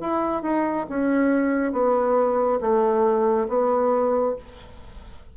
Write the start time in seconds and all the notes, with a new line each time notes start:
0.00 E4
0.42 D#4
0.89 C#4
1.72 B3
2.60 A3
3.48 B3